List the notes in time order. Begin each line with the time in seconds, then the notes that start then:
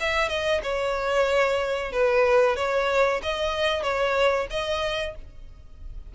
0.00 E5
0.28 D#5
0.63 C#5
1.91 B4
2.56 C#5
3.22 D#5
3.82 C#5
4.50 D#5